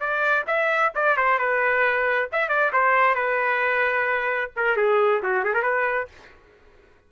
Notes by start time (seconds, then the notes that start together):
0.00 D5
0.47 E5
0.95 D5
1.17 C5
1.39 B4
2.32 E5
2.49 D5
2.73 C5
3.15 B4
4.56 A#4
4.77 G#4
5.22 F#4
5.44 G#4
5.54 A#4
5.63 B4